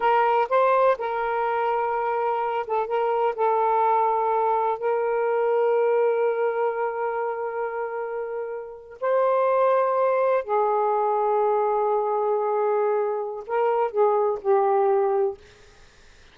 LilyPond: \new Staff \with { instrumentName = "saxophone" } { \time 4/4 \tempo 4 = 125 ais'4 c''4 ais'2~ | ais'4. a'8 ais'4 a'4~ | a'2 ais'2~ | ais'1~ |
ais'2~ ais'8. c''4~ c''16~ | c''4.~ c''16 gis'2~ gis'16~ | gis'1 | ais'4 gis'4 g'2 | }